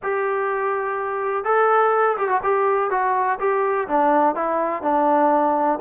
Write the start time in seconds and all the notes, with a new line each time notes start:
0.02 G4
1.44 A4
2.17 G4
2.28 F#4
2.43 G4
2.90 F#4
3.39 G4
3.88 D4
4.35 E4
4.82 D4